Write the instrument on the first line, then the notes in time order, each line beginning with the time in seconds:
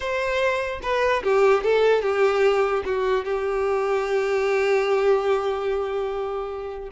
violin
0.00 C5
0.82 B4
1.23 G4
1.63 A4
2.02 G4
2.85 F#4
3.24 G4